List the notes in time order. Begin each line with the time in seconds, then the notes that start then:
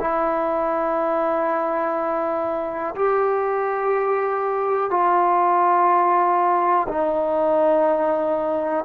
0.00 E4
2.96 G4
4.91 F4
6.89 D#4